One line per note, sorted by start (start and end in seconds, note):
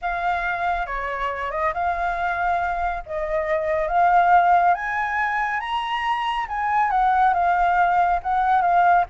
0.01 0.86 F5
0.86 1.51 C#5
1.51 1.72 D#5
1.73 3.03 F5
3.06 3.88 D#5
3.88 4.74 F5
4.74 5.60 G#5
5.60 6.46 A#5
6.48 6.90 G#5
6.90 7.33 F#5
7.33 8.20 F5
8.22 8.61 F#5
8.61 9.05 F5